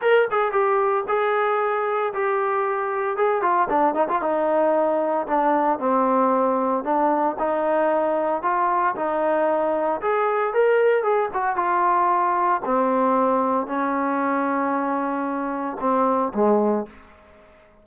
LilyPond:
\new Staff \with { instrumentName = "trombone" } { \time 4/4 \tempo 4 = 114 ais'8 gis'8 g'4 gis'2 | g'2 gis'8 f'8 d'8 dis'16 f'16 | dis'2 d'4 c'4~ | c'4 d'4 dis'2 |
f'4 dis'2 gis'4 | ais'4 gis'8 fis'8 f'2 | c'2 cis'2~ | cis'2 c'4 gis4 | }